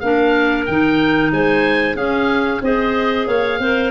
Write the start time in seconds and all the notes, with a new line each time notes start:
0.00 A#3 D4 A#4 F5
0.66 D#3 D#4 G5
1.32 G#3 C5 G#5
1.95 C#4 G#4 F5
2.62 C4 G#4 C5 D#5
3.27 A#3 C#5 F5
3.59 C4 A#4 C5